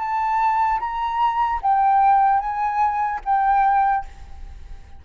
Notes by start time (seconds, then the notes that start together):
0.00 A5
0.80 A#5
1.63 G5
2.40 G#5
3.25 G5